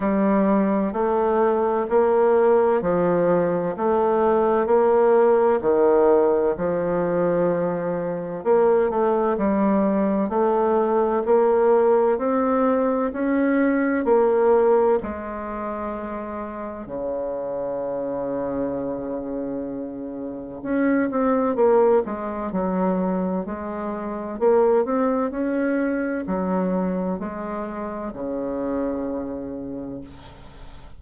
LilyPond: \new Staff \with { instrumentName = "bassoon" } { \time 4/4 \tempo 4 = 64 g4 a4 ais4 f4 | a4 ais4 dis4 f4~ | f4 ais8 a8 g4 a4 | ais4 c'4 cis'4 ais4 |
gis2 cis2~ | cis2 cis'8 c'8 ais8 gis8 | fis4 gis4 ais8 c'8 cis'4 | fis4 gis4 cis2 | }